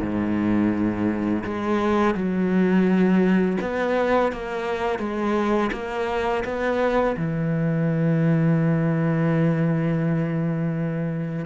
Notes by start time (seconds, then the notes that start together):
0.00 G#2
1.44 G#3
2.14 F#3
3.61 B3
4.31 A#3
4.99 G#3
5.72 A#3
6.44 B3
7.17 E3